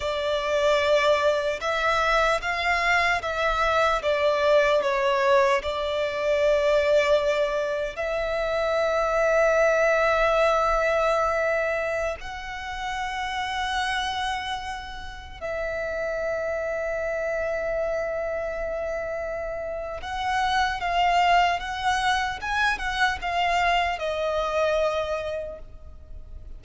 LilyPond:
\new Staff \with { instrumentName = "violin" } { \time 4/4 \tempo 4 = 75 d''2 e''4 f''4 | e''4 d''4 cis''4 d''4~ | d''2 e''2~ | e''2.~ e''16 fis''8.~ |
fis''2.~ fis''16 e''8.~ | e''1~ | e''4 fis''4 f''4 fis''4 | gis''8 fis''8 f''4 dis''2 | }